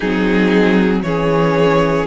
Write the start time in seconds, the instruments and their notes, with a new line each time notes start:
0.00 cello F#3, viola C4, violin D#4 G#4
1.02 cello E3, viola C#4, violin G#4 C#5